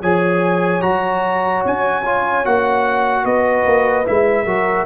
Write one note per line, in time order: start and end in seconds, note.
0.00 0.82 F3
0.00 0.81 G#4
0.00 3.24 C#5
0.00 0.81 G#5
0.81 1.64 F#3
0.81 2.03 F#4
0.81 1.62 A#5
1.64 2.45 C#4
1.64 2.45 G#5
2.05 2.44 F4
2.44 3.24 A#3
2.44 4.05 F#4
2.44 3.25 F#5
3.24 3.65 B3
3.24 4.46 B4
3.24 4.06 D#5
3.65 4.06 A#3
4.05 4.45 G#3
4.05 4.45 E4
4.05 4.85 E5
4.45 4.85 F#3
4.45 4.85 F#4
4.45 4.85 A#4